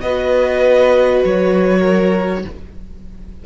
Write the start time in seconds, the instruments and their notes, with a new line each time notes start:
0.00 cello B3, viola F#4, violin B4 D#5
1.24 cello F#3, violin C#5
1.79 violin A#4